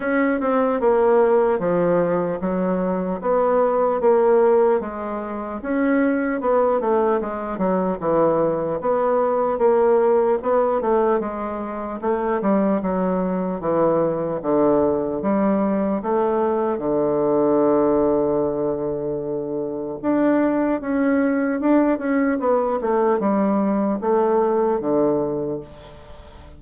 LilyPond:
\new Staff \with { instrumentName = "bassoon" } { \time 4/4 \tempo 4 = 75 cis'8 c'8 ais4 f4 fis4 | b4 ais4 gis4 cis'4 | b8 a8 gis8 fis8 e4 b4 | ais4 b8 a8 gis4 a8 g8 |
fis4 e4 d4 g4 | a4 d2.~ | d4 d'4 cis'4 d'8 cis'8 | b8 a8 g4 a4 d4 | }